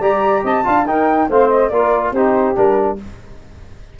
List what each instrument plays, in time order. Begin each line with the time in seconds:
0.00 tuba G3, trombone G4, saxophone D5, flute A#5
0.44 tuba C4, saxophone D#5, flute A5
0.64 tuba D4, trombone F4, saxophone F5
0.85 tuba D#4, trombone D#4, saxophone A#4, flute G5
1.29 tuba A3, trombone C4, saxophone C5, flute F5
1.49 flute D#5
1.69 tuba A#3, trombone F4, saxophone A#4, flute D5
2.11 tuba C4, trombone D#4, saxophone G4, flute C5
2.55 tuba G3, trombone D4, flute A#4